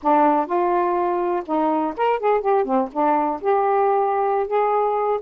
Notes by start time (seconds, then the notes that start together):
0.02 D4
0.46 F4
1.46 D#4
1.96 A#4
2.19 G#4
2.40 G4
2.64 C4
2.92 D4
3.41 G4
4.47 G#4